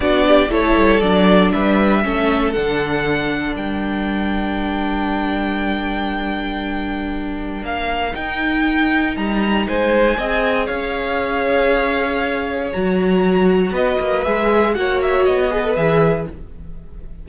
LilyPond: <<
  \new Staff \with { instrumentName = "violin" } { \time 4/4 \tempo 4 = 118 d''4 cis''4 d''4 e''4~ | e''4 fis''2 g''4~ | g''1~ | g''2. f''4 |
g''2 ais''4 gis''4~ | gis''4 f''2.~ | f''4 ais''2 dis''4 | e''4 fis''8 e''8 dis''4 e''4 | }
  \new Staff \with { instrumentName = "violin" } { \time 4/4 fis'8 g'8 a'2 b'4 | a'2. ais'4~ | ais'1~ | ais'1~ |
ais'2. c''4 | dis''4 cis''2.~ | cis''2. b'4~ | b'4 cis''4. b'4. | }
  \new Staff \with { instrumentName = "viola" } { \time 4/4 d'4 e'4 d'2 | cis'4 d'2.~ | d'1~ | d'1 |
dis'1 | gis'1~ | gis'4 fis'2. | gis'4 fis'4. gis'16 a'16 gis'4 | }
  \new Staff \with { instrumentName = "cello" } { \time 4/4 b4 a8 g8 fis4 g4 | a4 d2 g4~ | g1~ | g2. ais4 |
dis'2 g4 gis4 | c'4 cis'2.~ | cis'4 fis2 b8 ais8 | gis4 ais4 b4 e4 | }
>>